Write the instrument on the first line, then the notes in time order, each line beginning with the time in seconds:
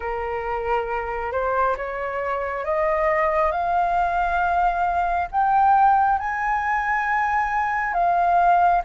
flute
0.00 A#4
1.32 C5
1.76 C#5
2.65 D#5
3.51 F5
5.31 G5
6.18 G#5
7.93 F5